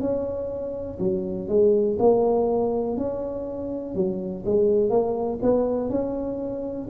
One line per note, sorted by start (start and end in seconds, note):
0.00 0.98 C#4
0.99 1.48 F#3
1.48 1.97 G#3
1.99 2.97 A#3
2.97 3.95 C#4
3.95 4.44 F#3
4.45 4.90 G#3
4.90 5.39 A#3
5.42 5.90 B3
5.90 6.88 C#4